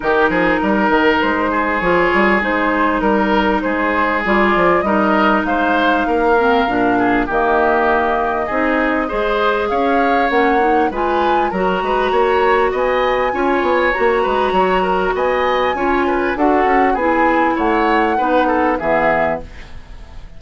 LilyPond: <<
  \new Staff \with { instrumentName = "flute" } { \time 4/4 \tempo 4 = 99 ais'2 c''4 cis''4 | c''4 ais'4 c''4 d''4 | dis''4 f''2. | dis''1 |
f''4 fis''4 gis''4 ais''4~ | ais''4 gis''2 ais''4~ | ais''4 gis''2 fis''4 | gis''4 fis''2 e''4 | }
  \new Staff \with { instrumentName = "oboe" } { \time 4/4 g'8 gis'8 ais'4. gis'4.~ | gis'4 ais'4 gis'2 | ais'4 c''4 ais'4. gis'8 | g'2 gis'4 c''4 |
cis''2 b'4 ais'8 b'8 | cis''4 dis''4 cis''4. b'8 | cis''8 ais'8 dis''4 cis''8 b'8 a'4 | gis'4 cis''4 b'8 a'8 gis'4 | }
  \new Staff \with { instrumentName = "clarinet" } { \time 4/4 dis'2. f'4 | dis'2. f'4 | dis'2~ dis'8 c'8 d'4 | ais2 dis'4 gis'4~ |
gis'4 cis'8 dis'8 f'4 fis'4~ | fis'2 f'4 fis'4~ | fis'2 f'4 fis'4 | e'2 dis'4 b4 | }
  \new Staff \with { instrumentName = "bassoon" } { \time 4/4 dis8 f8 g8 dis8 gis4 f8 g8 | gis4 g4 gis4 g8 f8 | g4 gis4 ais4 ais,4 | dis2 c'4 gis4 |
cis'4 ais4 gis4 fis8 gis8 | ais4 b4 cis'8 b8 ais8 gis8 | fis4 b4 cis'4 d'8 cis'8 | b4 a4 b4 e4 | }
>>